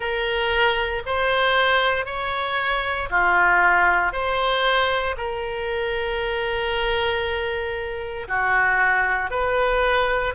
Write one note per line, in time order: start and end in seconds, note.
0.00 1.03 A#4
1.06 2.05 C5
2.05 3.08 C#5
3.10 4.12 F4
4.12 5.15 C5
5.17 8.27 A#4
8.28 9.30 F#4
9.30 10.34 B4